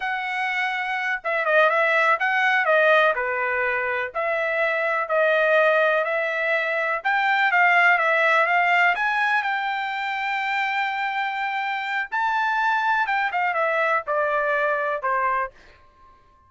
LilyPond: \new Staff \with { instrumentName = "trumpet" } { \time 4/4 \tempo 4 = 124 fis''2~ fis''8 e''8 dis''8 e''8~ | e''8 fis''4 dis''4 b'4.~ | b'8 e''2 dis''4.~ | dis''8 e''2 g''4 f''8~ |
f''8 e''4 f''4 gis''4 g''8~ | g''1~ | g''4 a''2 g''8 f''8 | e''4 d''2 c''4 | }